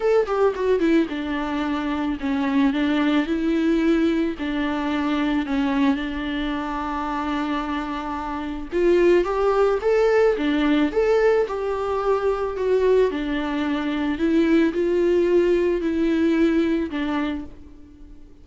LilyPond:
\new Staff \with { instrumentName = "viola" } { \time 4/4 \tempo 4 = 110 a'8 g'8 fis'8 e'8 d'2 | cis'4 d'4 e'2 | d'2 cis'4 d'4~ | d'1 |
f'4 g'4 a'4 d'4 | a'4 g'2 fis'4 | d'2 e'4 f'4~ | f'4 e'2 d'4 | }